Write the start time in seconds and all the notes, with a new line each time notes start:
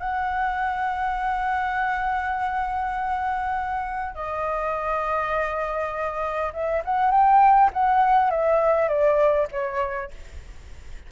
0.00 F#5
4.15 D#5
6.53 E5
6.85 F#5
7.11 G5
7.73 F#5
8.31 E5
8.89 D5
9.52 C#5